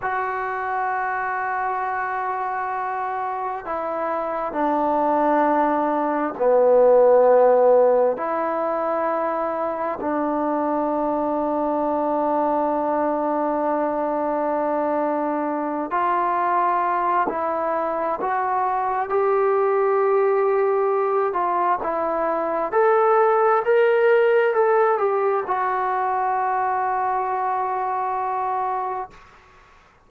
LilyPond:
\new Staff \with { instrumentName = "trombone" } { \time 4/4 \tempo 4 = 66 fis'1 | e'4 d'2 b4~ | b4 e'2 d'4~ | d'1~ |
d'4. f'4. e'4 | fis'4 g'2~ g'8 f'8 | e'4 a'4 ais'4 a'8 g'8 | fis'1 | }